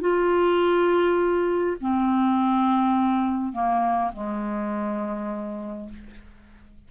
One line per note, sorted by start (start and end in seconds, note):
0.00 1.76 F4
1.80 3.52 C4
3.52 4.11 A#3
4.12 5.89 G#3